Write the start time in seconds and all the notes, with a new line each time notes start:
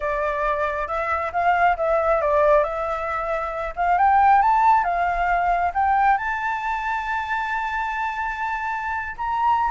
0.00 D5
0.87 E5
1.32 F5
1.76 E5
2.21 D5
2.63 E5
3.76 F5
3.97 G5
4.42 A5
4.83 F5
5.74 G5
6.17 A5
9.17 A#5